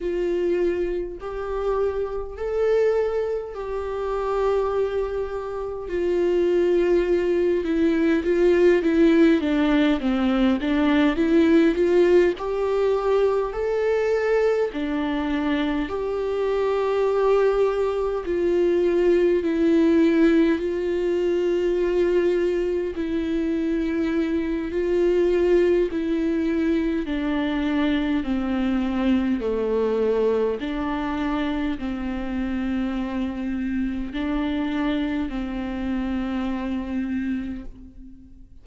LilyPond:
\new Staff \with { instrumentName = "viola" } { \time 4/4 \tempo 4 = 51 f'4 g'4 a'4 g'4~ | g'4 f'4. e'8 f'8 e'8 | d'8 c'8 d'8 e'8 f'8 g'4 a'8~ | a'8 d'4 g'2 f'8~ |
f'8 e'4 f'2 e'8~ | e'4 f'4 e'4 d'4 | c'4 a4 d'4 c'4~ | c'4 d'4 c'2 | }